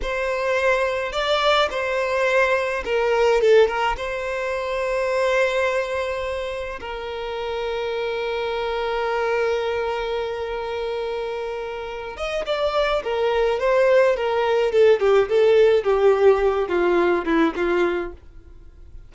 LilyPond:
\new Staff \with { instrumentName = "violin" } { \time 4/4 \tempo 4 = 106 c''2 d''4 c''4~ | c''4 ais'4 a'8 ais'8 c''4~ | c''1 | ais'1~ |
ais'1~ | ais'4. dis''8 d''4 ais'4 | c''4 ais'4 a'8 g'8 a'4 | g'4. f'4 e'8 f'4 | }